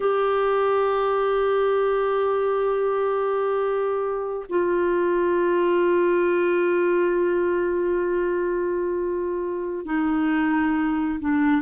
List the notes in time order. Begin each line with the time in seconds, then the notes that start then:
0.00 G4
4.49 F4
9.85 D#4
11.20 D4